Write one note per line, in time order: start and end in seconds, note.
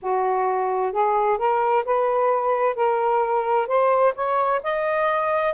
0.02 0.92 F#4
0.92 1.38 G#4
1.38 1.84 A#4
1.85 2.75 B4
2.75 3.67 A#4
3.67 4.13 C5
4.15 4.61 C#5
4.63 5.54 D#5